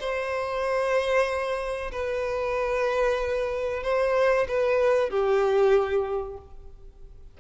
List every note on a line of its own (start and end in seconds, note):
0.00 1.91 C5
1.92 3.83 B4
3.84 4.47 C5
4.48 5.10 B4
5.10 6.38 G4